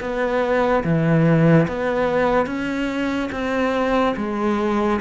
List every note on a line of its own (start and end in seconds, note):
0.00 0.83 B3
0.83 1.67 E3
1.68 2.46 B3
2.46 3.29 C#4
3.32 4.15 C4
4.17 5.00 G#3